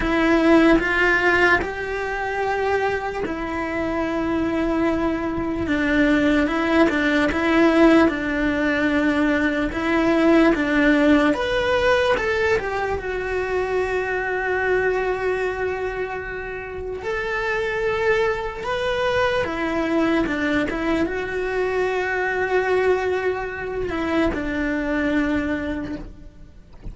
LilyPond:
\new Staff \with { instrumentName = "cello" } { \time 4/4 \tempo 4 = 74 e'4 f'4 g'2 | e'2. d'4 | e'8 d'8 e'4 d'2 | e'4 d'4 b'4 a'8 g'8 |
fis'1~ | fis'4 a'2 b'4 | e'4 d'8 e'8 fis'2~ | fis'4. e'8 d'2 | }